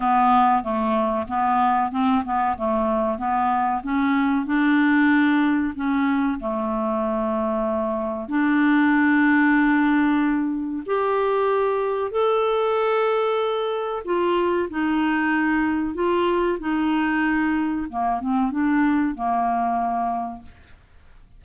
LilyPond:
\new Staff \with { instrumentName = "clarinet" } { \time 4/4 \tempo 4 = 94 b4 a4 b4 c'8 b8 | a4 b4 cis'4 d'4~ | d'4 cis'4 a2~ | a4 d'2.~ |
d'4 g'2 a'4~ | a'2 f'4 dis'4~ | dis'4 f'4 dis'2 | ais8 c'8 d'4 ais2 | }